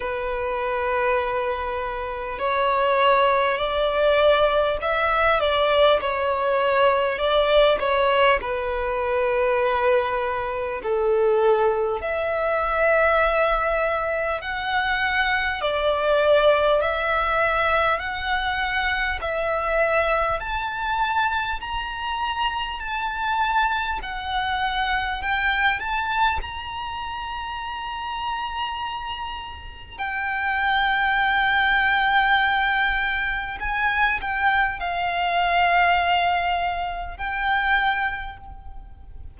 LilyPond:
\new Staff \with { instrumentName = "violin" } { \time 4/4 \tempo 4 = 50 b'2 cis''4 d''4 | e''8 d''8 cis''4 d''8 cis''8 b'4~ | b'4 a'4 e''2 | fis''4 d''4 e''4 fis''4 |
e''4 a''4 ais''4 a''4 | fis''4 g''8 a''8 ais''2~ | ais''4 g''2. | gis''8 g''8 f''2 g''4 | }